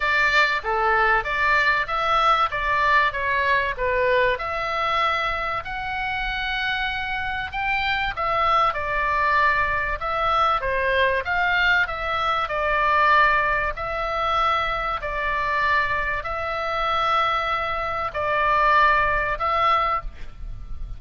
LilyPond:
\new Staff \with { instrumentName = "oboe" } { \time 4/4 \tempo 4 = 96 d''4 a'4 d''4 e''4 | d''4 cis''4 b'4 e''4~ | e''4 fis''2. | g''4 e''4 d''2 |
e''4 c''4 f''4 e''4 | d''2 e''2 | d''2 e''2~ | e''4 d''2 e''4 | }